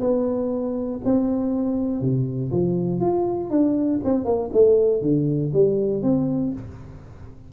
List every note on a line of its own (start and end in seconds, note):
0.00 1.00 B3
1.05 2.01 C4
2.01 2.51 C3
2.51 3.00 F3
3.00 3.50 F4
3.50 4.00 D4
4.04 4.25 C4
4.25 4.50 A#3
4.52 5.02 A3
5.02 5.52 D3
5.53 6.02 G3
6.02 6.52 C4